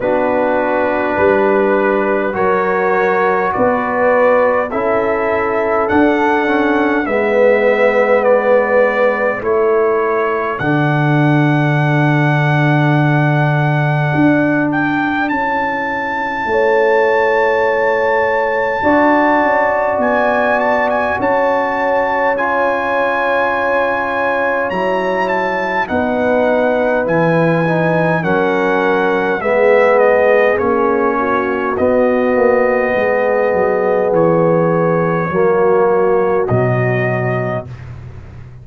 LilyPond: <<
  \new Staff \with { instrumentName = "trumpet" } { \time 4/4 \tempo 4 = 51 b'2 cis''4 d''4 | e''4 fis''4 e''4 d''4 | cis''4 fis''2.~ | fis''8 g''8 a''2.~ |
a''4 gis''8 a''16 gis''16 a''4 gis''4~ | gis''4 ais''8 a''8 fis''4 gis''4 | fis''4 e''8 dis''8 cis''4 dis''4~ | dis''4 cis''2 dis''4 | }
  \new Staff \with { instrumentName = "horn" } { \time 4/4 fis'4 b'4 ais'4 b'4 | a'2 b'2 | a'1~ | a'2 cis''2 |
d''2 cis''2~ | cis''2 b'2 | ais'4 gis'4. fis'4. | gis'2 fis'2 | }
  \new Staff \with { instrumentName = "trombone" } { \time 4/4 d'2 fis'2 | e'4 d'8 cis'8 b2 | e'4 d'2.~ | d'4 e'2. |
fis'2. f'4~ | f'4 e'4 dis'4 e'8 dis'8 | cis'4 b4 cis'4 b4~ | b2 ais4 fis4 | }
  \new Staff \with { instrumentName = "tuba" } { \time 4/4 b4 g4 fis4 b4 | cis'4 d'4 gis2 | a4 d2. | d'4 cis'4 a2 |
d'8 cis'8 b4 cis'2~ | cis'4 fis4 b4 e4 | fis4 gis4 ais4 b8 ais8 | gis8 fis8 e4 fis4 b,4 | }
>>